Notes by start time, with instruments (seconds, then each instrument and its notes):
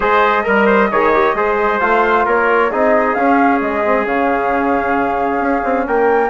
0.00 bassoon G#3, trombone G#4, trumpet C5, flute D#5
0.43 bassoon G3, trombone A#4, trumpet A#4
0.65 trumpet C5
0.91 bassoon D#3, trombone G#4, trumpet C#5
1.13 trombone G4
1.34 bassoon G#3, trombone G#4, trumpet C5
1.80 bassoon A3, trombone F4, flute F5
2.25 bassoon A#3, trumpet A#4, flute C#5
2.71 bassoon C4, trombone D#4, trumpet G#4, flute D#5
3.14 bassoon C#4, trombone C#4, flute F5
3.60 bassoon G#3, flute D#5
3.84 trombone C4
4.05 bassoon C#3, trombone C#4, flute F5
5.39 bassoon C#4
5.63 bassoon C4
5.86 bassoon A#3, trumpet A#4, flute G5